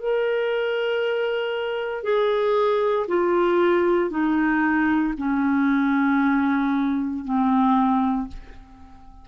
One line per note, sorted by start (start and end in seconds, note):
0.00 2.04 A#4
2.04 3.07 G#4
3.08 4.11 F4
4.11 5.14 D#4
5.18 7.25 C#4
7.25 8.29 C4